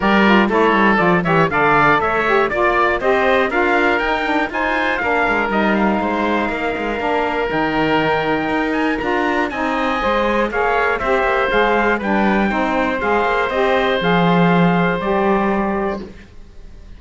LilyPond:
<<
  \new Staff \with { instrumentName = "trumpet" } { \time 4/4 \tempo 4 = 120 d''4 cis''4 d''8 e''8 f''4 | e''4 d''4 dis''4 f''4 | g''4 gis''4 f''4 dis''8 f''8~ | f''2. g''4~ |
g''4. gis''8 ais''4 gis''4~ | gis''4 f''4 e''4 f''4 | g''2 f''4 dis''4 | f''2 d''2 | }
  \new Staff \with { instrumentName = "oboe" } { \time 4/4 ais'4 a'4. cis''8 d''4 | cis''4 d''4 c''4 ais'4~ | ais'4 c''4 ais'2 | c''4 ais'2.~ |
ais'2. dis''4~ | dis''4 cis''4 c''2 | b'4 c''2.~ | c''1 | }
  \new Staff \with { instrumentName = "saxophone" } { \time 4/4 g'8 f'8 e'4 f'8 g'8 a'4~ | a'8 g'8 f'4 g'4 f'4 | dis'8 d'8 dis'4 d'4 dis'4~ | dis'2 d'4 dis'4~ |
dis'2 f'4 dis'4 | c''4 gis'4 g'4 gis'4 | d'4 dis'4 gis'4 g'4 | gis'2 g'2 | }
  \new Staff \with { instrumentName = "cello" } { \time 4/4 g4 a8 g8 f8 e8 d4 | a4 ais4 c'4 d'4 | dis'4 f'4 ais8 gis8 g4 | gis4 ais8 gis8 ais4 dis4~ |
dis4 dis'4 d'4 c'4 | gis4 ais4 c'8 ais8 gis4 | g4 c'4 gis8 ais8 c'4 | f2 g2 | }
>>